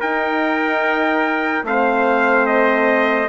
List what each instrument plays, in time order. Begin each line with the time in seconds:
0.00 horn D#4, bassoon D#4, trumpet A#4 G5
1.64 bassoon A3, horn C4, trumpet C5 F5
2.47 trumpet D#5